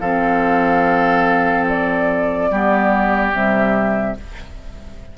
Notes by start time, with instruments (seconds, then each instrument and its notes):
0.00 bassoon F3, clarinet C4, oboe A4, flute F5
1.69 flute D5
2.51 bassoon G3, clarinet B3, oboe G4
3.32 bassoon C3, clarinet G3, flute E5